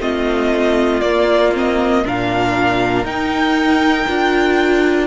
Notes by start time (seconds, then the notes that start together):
0.00 A3 C4 F4 D#5
1.01 A#3 D5
1.54 C4 D#5
2.05 A#2 D4 A#4 F5
3.04 D#4 G5
4.07 D4 F4